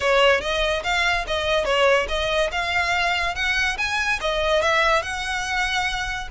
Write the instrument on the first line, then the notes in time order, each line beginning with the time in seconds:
violin
0.00 C#5
0.41 D#5
0.83 F5
1.27 D#5
1.65 C#5
2.08 D#5
2.51 F5
3.35 F#5
3.77 G#5
4.20 D#5
4.62 E5
5.02 F#5